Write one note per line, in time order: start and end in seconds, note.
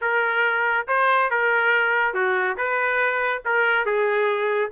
0.01 0.87 A#4
0.87 1.30 C5
1.30 2.14 A#4
2.14 2.56 F#4
2.57 3.42 B4
3.45 3.85 A#4
3.85 4.71 G#4